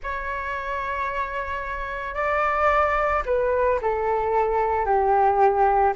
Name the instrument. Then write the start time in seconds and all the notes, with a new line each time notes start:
flute
0.03 C#5
2.14 D5
3.25 B4
3.81 A4
4.85 G4